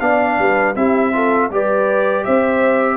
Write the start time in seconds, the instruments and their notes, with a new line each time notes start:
0.00 tuba B3, trombone D4, horn D5, trumpet F5
0.39 tuba G3, horn B4
0.75 tuba C4, trombone E4, horn G4, trumpet E5
1.13 trombone F4, horn A4
1.50 tuba G3, trombone G4, horn B4, trumpet D5
2.24 tuba C4, horn C5, trumpet E5